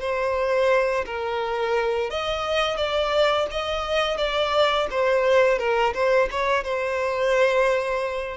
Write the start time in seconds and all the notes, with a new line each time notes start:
0.00 C5
1.05 A#4
2.10 D#5
2.77 D5
3.51 D#5
4.17 D5
4.90 C5
5.58 A#4
5.93 C5
6.31 C#5
6.63 C5